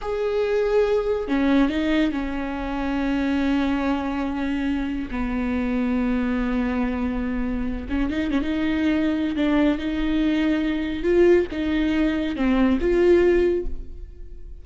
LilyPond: \new Staff \with { instrumentName = "viola" } { \time 4/4 \tempo 4 = 141 gis'2. cis'4 | dis'4 cis'2.~ | cis'1 | b1~ |
b2~ b8 cis'8 dis'8 cis'16 dis'16~ | dis'2 d'4 dis'4~ | dis'2 f'4 dis'4~ | dis'4 c'4 f'2 | }